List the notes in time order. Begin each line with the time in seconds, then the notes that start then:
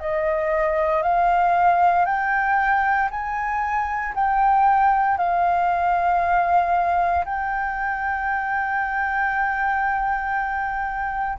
0.00 D#5
1.03 F5
2.05 G5
3.10 G#5
4.14 G5
5.17 F5
7.25 G5